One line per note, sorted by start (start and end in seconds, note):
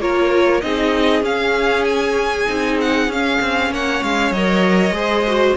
0.00 0.62 A#3
0.00 0.62 F4
0.00 0.63 A#4
0.00 0.61 C#5
0.61 1.22 C4
0.61 1.22 D#4
0.61 3.72 G#4
0.61 1.23 D#5
1.22 2.46 C#4
1.22 1.85 F5
1.85 2.78 G#5
2.48 3.08 C4
2.48 3.10 D#4
2.81 3.12 F#5
3.08 3.39 C#4
3.08 3.74 F5
3.14 4.37 C#4
3.41 3.71 C4
3.71 4.02 A#3
3.71 4.96 C#5
3.71 4.04 F#5
4.03 4.31 G#3
4.03 4.32 F5
4.31 4.91 F#3
4.31 4.93 A#4
4.31 5.56 D#5
4.91 5.53 G#3
4.91 5.24 G#4
4.91 5.57 C5
5.27 5.57 F#4